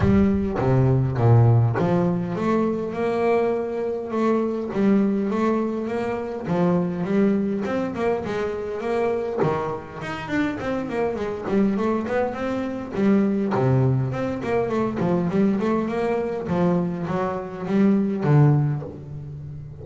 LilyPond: \new Staff \with { instrumentName = "double bass" } { \time 4/4 \tempo 4 = 102 g4 c4 ais,4 f4 | a4 ais2 a4 | g4 a4 ais4 f4 | g4 c'8 ais8 gis4 ais4 |
dis4 dis'8 d'8 c'8 ais8 gis8 g8 | a8 b8 c'4 g4 c4 | c'8 ais8 a8 f8 g8 a8 ais4 | f4 fis4 g4 d4 | }